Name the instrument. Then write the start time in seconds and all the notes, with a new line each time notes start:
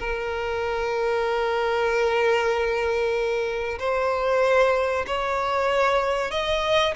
violin
0.00 A#4
3.80 C5
5.07 C#5
6.31 D#5